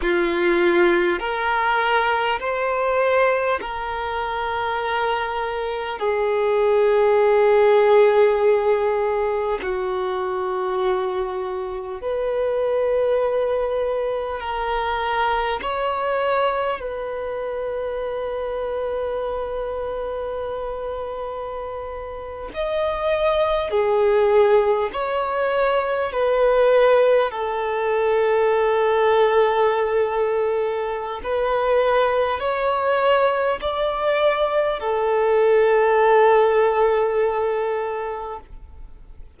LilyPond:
\new Staff \with { instrumentName = "violin" } { \time 4/4 \tempo 4 = 50 f'4 ais'4 c''4 ais'4~ | ais'4 gis'2. | fis'2 b'2 | ais'4 cis''4 b'2~ |
b'2~ b'8. dis''4 gis'16~ | gis'8. cis''4 b'4 a'4~ a'16~ | a'2 b'4 cis''4 | d''4 a'2. | }